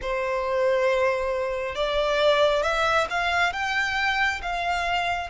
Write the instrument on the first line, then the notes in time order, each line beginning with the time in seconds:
violin
0.01 C5
1.75 D5
2.62 E5
3.10 F5
3.53 G5
4.42 F5